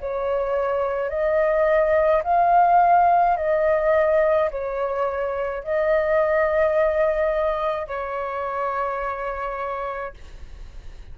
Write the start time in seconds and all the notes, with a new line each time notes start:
0.00 C#5
1.09 D#5
2.23 F5
3.37 D#5
4.50 C#5
5.63 D#5
7.87 C#5